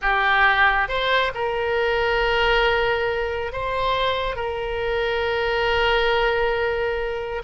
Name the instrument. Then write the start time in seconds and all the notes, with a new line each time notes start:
oboe
0.01 G4
0.88 C5
1.34 A#4
3.52 C5
4.36 A#4